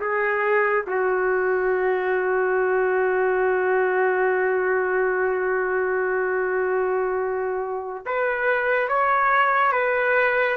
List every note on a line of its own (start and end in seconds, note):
0.00 0.85 G#4
0.86 8.05 F#4
8.06 8.88 B4
8.88 9.72 C#5
9.72 10.56 B4